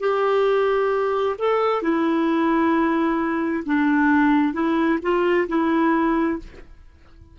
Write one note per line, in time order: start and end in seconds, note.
0.00 1.36 G4
1.39 1.82 A4
1.82 3.64 E4
3.66 4.54 D4
4.54 4.99 E4
5.02 5.48 F4
5.48 6.39 E4